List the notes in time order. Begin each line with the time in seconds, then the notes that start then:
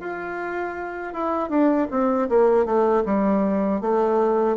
0.00 F4
1.14 E4
1.49 D4
1.91 C4
2.29 A#3
2.65 A3
3.05 G3
3.81 A3